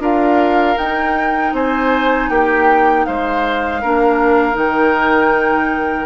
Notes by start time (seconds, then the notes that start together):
0.00 D4 F4 A#4 F5
0.76 D#4 G5
1.53 C4 C5 G#5
2.30 A#3 G4 G5
3.06 G#3 C5 F5
3.82 A#3 D4 A#4
4.53 D#3 D#4 G5